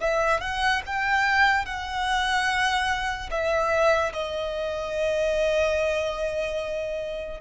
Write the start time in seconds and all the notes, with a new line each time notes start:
0.00 E5
0.40 F#5
0.86 G5
1.65 F#5
3.30 E5
4.12 D#5